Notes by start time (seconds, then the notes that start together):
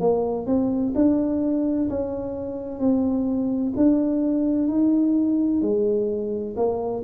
0.00 A#3
0.46 C4
0.95 D4
1.90 C#4
2.79 C4
3.76 D4
4.68 D#4
5.62 G#3
6.56 A#3